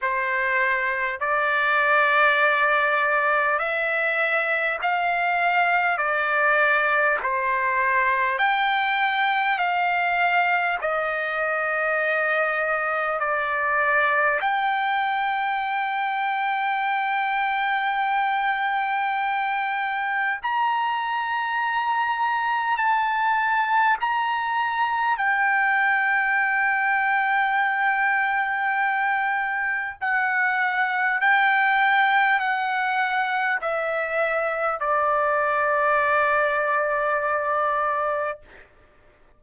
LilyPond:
\new Staff \with { instrumentName = "trumpet" } { \time 4/4 \tempo 4 = 50 c''4 d''2 e''4 | f''4 d''4 c''4 g''4 | f''4 dis''2 d''4 | g''1~ |
g''4 ais''2 a''4 | ais''4 g''2.~ | g''4 fis''4 g''4 fis''4 | e''4 d''2. | }